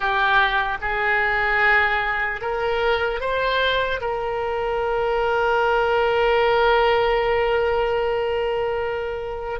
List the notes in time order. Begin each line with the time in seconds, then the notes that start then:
0.00 G4
0.81 G#4
2.41 A#4
3.20 C5
4.00 A#4